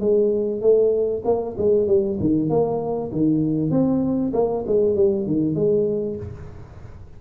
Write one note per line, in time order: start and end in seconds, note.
0.00 0.61 G#3
0.61 1.23 A3
1.25 1.56 A#3
1.57 1.87 G#3
1.87 2.18 G3
2.20 2.49 D#3
2.49 3.11 A#3
3.12 3.71 D#3
3.71 4.32 C4
4.33 4.64 A#3
4.67 4.95 G#3
4.95 5.26 G3
5.26 5.55 D#3
5.55 6.17 G#3